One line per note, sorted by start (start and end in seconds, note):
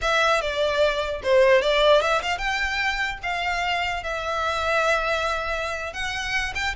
0.01 0.41 E5
0.41 1.21 D5
1.23 1.61 C5
1.61 2.01 D5
2.01 2.21 E5
2.22 2.38 F5
2.38 3.18 G5
3.22 4.03 F5
4.03 5.93 E5
5.93 6.53 F#5
6.55 6.75 G5